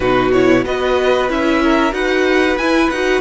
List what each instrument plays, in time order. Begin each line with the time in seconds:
0.00 cello B2, viola D#4, violin F#4 B4
0.32 viola E4, violin C#5
0.65 cello B3, viola F#4, violin B4 D#5
1.28 cello C#4, viola E4, violin E5
1.62 violin A#4
1.91 cello D#4, viola F#4, violin B4 F#5
2.57 cello E4, viola E4, violin G#5
2.90 cello D#4, viola F#4, violin F#5